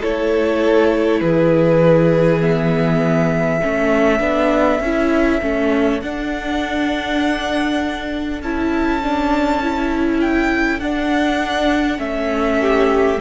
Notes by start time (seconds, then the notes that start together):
0.00 A3 E4 A4 C#5
1.21 E3 G#4 B4
2.40 B3 E5
3.60 A3 C#4 A4
4.20 B3 D4
4.80 C#4 E4
5.41 A3 C#4
6.00 D4 F#5
8.41 C#4 E4 A5
9.03 D4
9.62 E4
10.21 G5
10.80 D4 F#5
11.97 A3 C#4 E5
12.61 G4